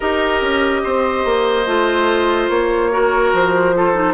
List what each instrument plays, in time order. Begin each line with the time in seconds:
0.00 bassoon D#4, clarinet G4, oboe A#4, flute D#5
0.41 bassoon C#4
0.83 bassoon C4, oboe C5
1.24 bassoon A#3
1.66 bassoon A3, clarinet F4
2.49 bassoon A#3, flute C#5
2.91 clarinet F#4, oboe A#4
3.32 bassoon F3, flute C5
3.75 clarinet F4, oboe A4
3.93 clarinet D#4